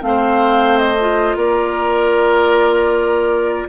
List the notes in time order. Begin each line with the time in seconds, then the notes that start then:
0.00 A3 C4 F5
0.07 C5
0.78 D#5
1.00 F4
1.36 A#3 A#4 D5